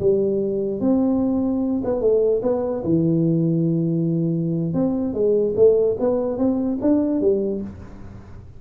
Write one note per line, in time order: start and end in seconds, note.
0.00 0.81 G3
0.81 1.82 C4
1.85 2.01 B3
2.01 2.42 A3
2.43 2.83 B3
2.84 4.74 E3
4.74 5.14 C4
5.14 5.54 G#3
5.56 5.97 A3
6.00 6.38 B3
6.38 6.79 C4
6.82 7.21 D4
7.21 7.61 G3